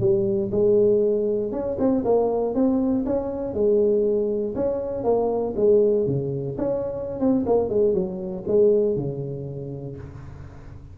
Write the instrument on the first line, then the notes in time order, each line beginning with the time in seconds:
tuba
0.00 G3
0.51 G#3
1.52 C#4
1.79 C4
2.04 A#3
2.54 C4
3.06 C#4
3.54 G#3
4.55 C#4
5.04 A#3
5.56 G#3
6.07 C#3
6.58 C#4
7.20 C4
7.46 A#3
7.69 G#3
7.94 F#3
8.47 G#3
8.96 C#3